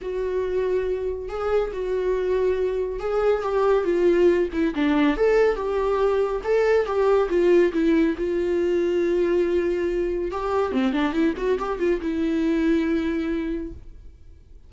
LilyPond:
\new Staff \with { instrumentName = "viola" } { \time 4/4 \tempo 4 = 140 fis'2. gis'4 | fis'2. gis'4 | g'4 f'4. e'8 d'4 | a'4 g'2 a'4 |
g'4 f'4 e'4 f'4~ | f'1 | g'4 c'8 d'8 e'8 fis'8 g'8 f'8 | e'1 | }